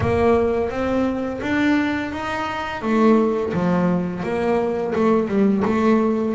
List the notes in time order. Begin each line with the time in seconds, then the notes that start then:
0.00 A#3
0.69 C4
1.41 D4
2.11 D#4
2.82 A3
3.53 F3
4.23 A#3
4.95 A3
5.27 G3
5.65 A3